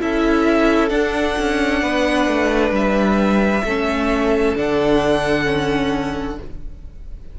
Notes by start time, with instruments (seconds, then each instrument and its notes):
0.00 cello C#4, viola E4, violin A4 E5
0.89 viola D4, cello D4, violin F#5
1.38 cello C#4
1.82 cello B3, violin B4
2.27 cello A3
2.71 cello G3, violin E5
3.64 cello A3, viola C#4, violin A4
4.56 cello D3, viola D4, violin F#5
5.44 viola C#4